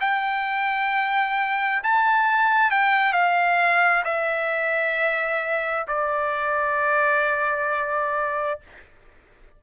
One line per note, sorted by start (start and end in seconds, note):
0.00 1.82 G5
1.83 2.70 A5
2.70 3.12 G5
3.12 4.03 F5
4.04 5.86 E5
5.87 8.60 D5